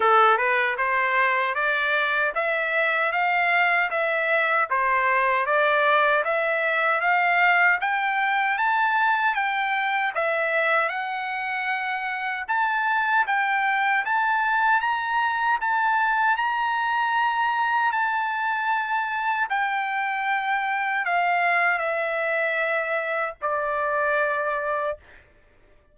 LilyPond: \new Staff \with { instrumentName = "trumpet" } { \time 4/4 \tempo 4 = 77 a'8 b'8 c''4 d''4 e''4 | f''4 e''4 c''4 d''4 | e''4 f''4 g''4 a''4 | g''4 e''4 fis''2 |
a''4 g''4 a''4 ais''4 | a''4 ais''2 a''4~ | a''4 g''2 f''4 | e''2 d''2 | }